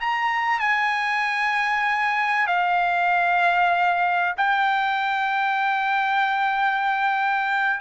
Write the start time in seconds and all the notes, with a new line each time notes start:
0.00 A#5
0.59 G#5
2.47 F5
4.37 G5